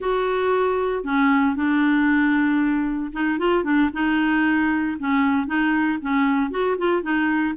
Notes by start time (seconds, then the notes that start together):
0.00 F#4
1.04 C#4
1.55 D4
3.12 D#4
3.38 F4
3.64 D4
3.93 D#4
4.99 C#4
5.46 D#4
6.01 C#4
6.51 F#4
6.78 F4
7.02 D#4